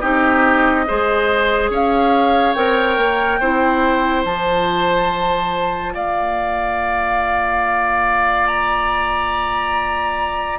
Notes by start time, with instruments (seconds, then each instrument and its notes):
0.00 bassoon C4, clarinet D#4, oboe G4, flute D#5
0.87 bassoon G#3, clarinet G#4, oboe C5
1.70 bassoon C#4, oboe C#5, flute F5
2.54 bassoon C4, clarinet A#4, flute G5
2.97 bassoon A#3
3.40 bassoon C4, clarinet E4, oboe C5
4.25 bassoon F3, clarinet F4, flute A5
5.94 bassoon A#3, oboe D5, flute F5
8.47 flute A#5